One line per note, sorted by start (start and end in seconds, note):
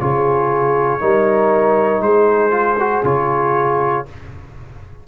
0.00 1.02 C#3
0.00 1.00 F4
0.00 1.01 G#4
0.00 2.03 C#5
1.00 2.00 G3
1.00 2.51 D#4
1.00 2.03 A#4
2.00 3.02 G#3
2.00 4.08 G#4
2.00 3.04 C5
2.51 2.76 F4
2.79 3.04 F#4
3.04 4.06 C#3
3.04 4.06 F4
3.04 4.07 C#5